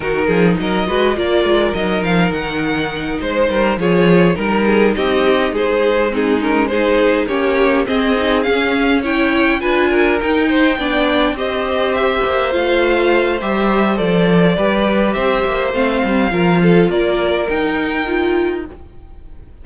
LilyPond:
<<
  \new Staff \with { instrumentName = "violin" } { \time 4/4 \tempo 4 = 103 ais'4 dis''4 d''4 dis''8 f''8 | fis''4. c''4 cis''4 ais'8~ | ais'8 dis''4 c''4 gis'8 ais'8 c''8~ | c''8 cis''4 dis''4 f''4 g''8~ |
g''8 gis''4 g''2 dis''8~ | dis''8 e''4 f''4. e''4 | d''2 e''4 f''4~ | f''4 d''4 g''2 | }
  \new Staff \with { instrumentName = "violin" } { \time 4/4 fis'8 gis'8 ais'8 b'8 ais'2~ | ais'4. c''8 ais'8 gis'4 ais'8 | gis'8 g'4 gis'4 dis'4 gis'8~ | gis'8 g'4 gis'2 cis''8~ |
cis''8 b'8 ais'4 c''8 d''4 c''8~ | c''1~ | c''4 b'4 c''2 | ais'8 a'8 ais'2. | }
  \new Staff \with { instrumentName = "viola" } { \time 4/4 dis'4. fis'8 f'4 dis'4~ | dis'2~ dis'8 f'4 dis'8~ | dis'2~ dis'8 c'8 cis'8 dis'8~ | dis'8 cis'4 c'8 dis'8 cis'4 e'8~ |
e'8 f'4 dis'4 d'4 g'8~ | g'4. f'4. g'4 | a'4 g'2 c'4 | f'2 dis'4 f'4 | }
  \new Staff \with { instrumentName = "cello" } { \time 4/4 dis8 f8 fis8 gis8 ais8 gis8 fis8 f8 | dis4. gis8 g8 f4 g8~ | g8 c'4 gis2~ gis8~ | gis8 ais4 c'4 cis'4.~ |
cis'8 d'4 dis'4 b4 c'8~ | c'4 ais8 a4. g4 | f4 g4 c'8 ais8 a8 g8 | f4 ais4 dis'2 | }
>>